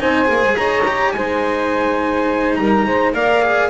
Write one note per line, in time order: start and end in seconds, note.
0.00 0.29 C4
0.00 0.25 D#4
0.00 0.57 C5
0.00 0.57 G#5
0.25 0.43 A#3
0.25 0.82 G#4
0.43 0.57 G#3
0.57 1.14 D#4
0.57 1.14 C#5
0.57 1.12 A#5
0.88 1.16 G4
1.12 2.57 G#3
1.12 3.15 D#4
1.12 2.59 C5
1.12 2.55 G#5
2.56 2.87 G3
2.56 2.86 A#4
2.56 3.13 A#5
2.86 3.13 G#3
2.86 3.14 C5
3.13 3.70 A#3
3.13 3.42 A#4
3.13 3.70 D5
3.13 3.70 F5
3.42 3.70 G#4